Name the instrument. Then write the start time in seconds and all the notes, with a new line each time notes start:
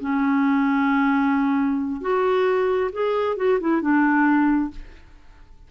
clarinet
0.00 C#4
2.01 F#4
2.92 G#4
3.36 F#4
3.60 E4
3.81 D4